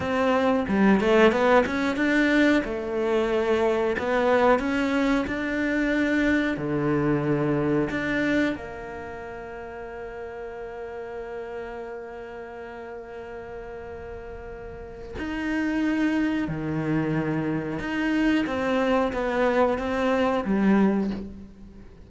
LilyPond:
\new Staff \with { instrumentName = "cello" } { \time 4/4 \tempo 4 = 91 c'4 g8 a8 b8 cis'8 d'4 | a2 b4 cis'4 | d'2 d2 | d'4 ais2.~ |
ais1~ | ais2. dis'4~ | dis'4 dis2 dis'4 | c'4 b4 c'4 g4 | }